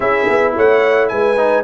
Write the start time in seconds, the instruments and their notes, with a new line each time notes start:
0.00 tuba C#4, trombone E4, horn G#4, trumpet E5
0.28 tuba B3
0.55 tuba A3, horn C#5, trumpet F#5
1.08 tuba G#3, horn B4, trumpet G#5
1.36 trombone D#4